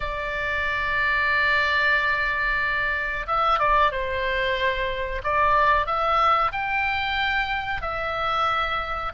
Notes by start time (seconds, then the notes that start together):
0.00 D5
3.26 E5
3.59 D5
3.91 C5
5.23 D5
5.86 E5
6.52 G5
7.81 E5